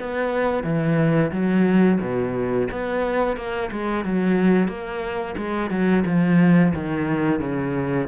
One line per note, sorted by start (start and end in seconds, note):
0.00 0.64 B3
0.64 1.32 E3
1.32 1.99 F#3
2.01 2.68 B2
2.72 3.37 B3
3.37 3.71 A#3
3.72 4.05 G#3
4.05 4.69 F#3
4.69 5.36 A#3
5.38 5.71 G#3
5.71 6.04 F#3
6.06 6.74 F3
6.75 7.40 D#3
7.40 8.08 C#3